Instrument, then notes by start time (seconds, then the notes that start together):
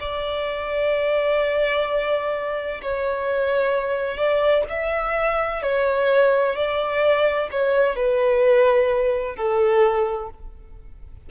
violin
0.00 D5
2.82 C#5
4.17 D5
4.69 E5
5.62 C#5
6.55 D5
7.51 C#5
7.96 B4
9.36 A4